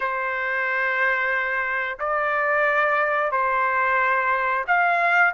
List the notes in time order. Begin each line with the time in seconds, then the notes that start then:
0.00 C5
1.99 D5
3.31 C5
4.67 F5